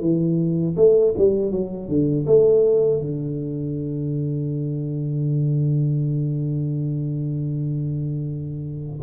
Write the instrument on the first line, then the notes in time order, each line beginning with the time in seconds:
tuba
0.00 E3
0.76 A3
1.17 G3
1.51 F#3
1.88 D3
2.26 A3
3.00 D3